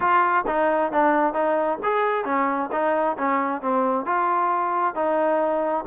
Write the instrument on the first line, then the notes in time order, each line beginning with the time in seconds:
trombone
0.00 F4
0.46 D#4
0.91 D4
1.33 D#4
1.83 G#4
2.25 C#4
2.71 D#4
3.18 C#4
3.61 C4
4.05 F4
4.94 D#4